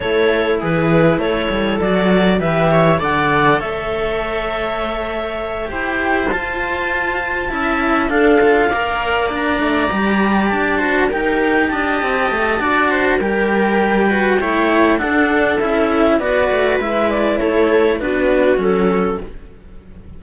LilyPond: <<
  \new Staff \with { instrumentName = "clarinet" } { \time 4/4 \tempo 4 = 100 cis''4 b'4 cis''4 d''4 | e''4 fis''4 e''2~ | e''4. g''4 a''4.~ | a''4. f''2 ais''8~ |
ais''4. a''4 g''4 a''8~ | a''2 g''2~ | g''4 fis''4 e''4 d''4 | e''8 d''8 cis''4 b'4 a'4 | }
  \new Staff \with { instrumentName = "viola" } { \time 4/4 a'4 gis'4 a'2 | b'8 cis''8 d''4 cis''2~ | cis''4. c''2~ c''8~ | c''8 e''4 a'4 d''4.~ |
d''2 c''8 ais'4 dis''8~ | dis''4 d''8 c''8 ais'4. b'8 | cis''4 a'2 b'4~ | b'4 a'4 fis'2 | }
  \new Staff \with { instrumentName = "cello" } { \time 4/4 e'2. fis'4 | g'4 a'2.~ | a'4. g'4 f'4.~ | f'8 e'4 d'8 f'8 ais'4 d'8~ |
d'8 g'4. fis'8 g'4.~ | g'4 fis'4 g'4. fis'8 | e'4 d'4 e'4 fis'4 | e'2 d'4 cis'4 | }
  \new Staff \with { instrumentName = "cello" } { \time 4/4 a4 e4 a8 g8 fis4 | e4 d4 a2~ | a4. e'4 f'4.~ | f'8 cis'4 d'4 ais4. |
a8 g4 d'4 dis'4 d'8 | c'8 a8 d'4 g2 | a4 d'4 cis'4 b8 a8 | gis4 a4 b4 fis4 | }
>>